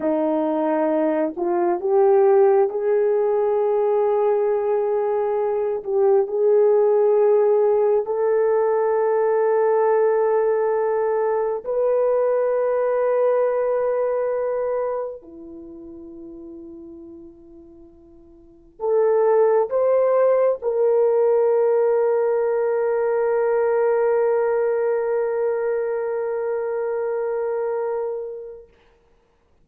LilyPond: \new Staff \with { instrumentName = "horn" } { \time 4/4 \tempo 4 = 67 dis'4. f'8 g'4 gis'4~ | gis'2~ gis'8 g'8 gis'4~ | gis'4 a'2.~ | a'4 b'2.~ |
b'4 e'2.~ | e'4 a'4 c''4 ais'4~ | ais'1~ | ais'1 | }